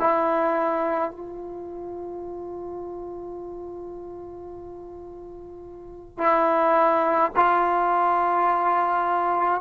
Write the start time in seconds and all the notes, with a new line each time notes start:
0.00 E4
1.11 F4
6.18 E4
7.36 F4